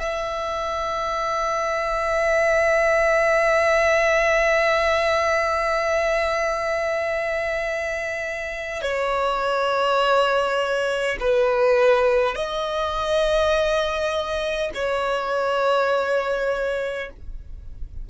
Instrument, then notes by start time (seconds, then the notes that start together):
violin
0.00 E5
8.82 C#5
11.20 B4
12.35 D#5
14.75 C#5